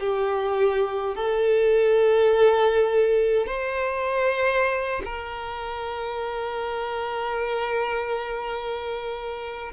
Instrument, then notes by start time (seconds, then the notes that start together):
violin
0.00 G4
1.16 A4
3.46 C5
5.04 A#4